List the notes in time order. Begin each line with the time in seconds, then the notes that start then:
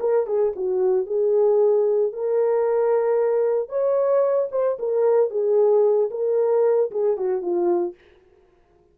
0.00 A#4
0.26 G#4
0.56 F#4
1.06 G#4
2.12 A#4
3.69 C#5
4.51 C5
4.79 A#4
5.30 G#4
6.10 A#4
6.91 G#4
7.17 F#4
7.41 F4